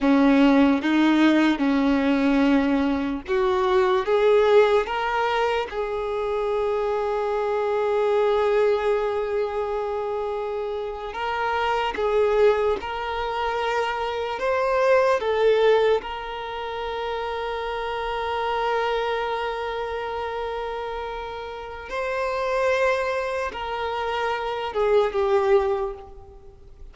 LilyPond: \new Staff \with { instrumentName = "violin" } { \time 4/4 \tempo 4 = 74 cis'4 dis'4 cis'2 | fis'4 gis'4 ais'4 gis'4~ | gis'1~ | gis'4.~ gis'16 ais'4 gis'4 ais'16~ |
ais'4.~ ais'16 c''4 a'4 ais'16~ | ais'1~ | ais'2. c''4~ | c''4 ais'4. gis'8 g'4 | }